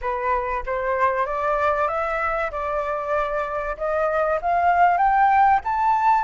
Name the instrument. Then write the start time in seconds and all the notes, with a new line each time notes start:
flute
0.01 B4
0.66 C5
1.26 D5
1.88 E5
2.51 D5
3.77 D#5
4.41 F5
4.97 G5
5.64 A5